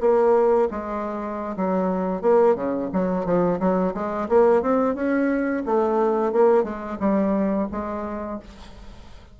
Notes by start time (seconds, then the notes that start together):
0.00 A#3
0.70 G#3
1.56 F#3
2.21 A#3
2.55 C#3
2.93 F#3
3.25 F3
3.59 F#3
3.94 G#3
4.29 A#3
4.62 C4
4.95 C#4
5.65 A3
6.32 A#3
6.63 G#3
6.99 G3
7.71 G#3